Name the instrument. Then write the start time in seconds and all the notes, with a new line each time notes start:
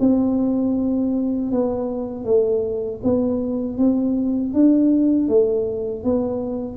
tuba
0.00 C4
1.52 B3
2.25 A3
3.04 B3
3.78 C4
4.54 D4
5.29 A3
6.04 B3